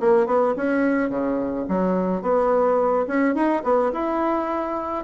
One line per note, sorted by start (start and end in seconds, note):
0.00 0.27 A#3
0.27 0.55 B3
0.57 1.10 C#4
1.10 1.66 C#3
1.69 2.22 F#3
2.22 3.06 B3
3.07 3.35 C#4
3.35 3.63 D#4
3.64 3.92 B3
3.93 5.04 E4